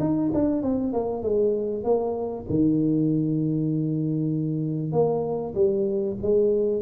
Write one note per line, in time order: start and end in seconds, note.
0.00 0.31 D#4
0.34 0.63 D4
0.63 0.93 C4
0.93 1.23 A#3
1.23 1.84 G#3
1.84 2.46 A#3
2.49 4.92 D#3
4.92 5.54 A#3
5.55 6.17 G3
6.22 6.82 G#3